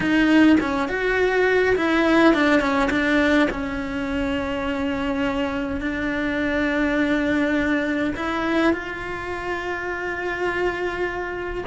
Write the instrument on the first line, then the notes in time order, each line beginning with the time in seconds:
cello
0.00 D#4
0.60 C#4
0.88 F#4
1.76 E4
2.34 D4
2.60 C#4
2.90 D4
3.50 C#4
5.80 D4
8.16 E4
8.73 F4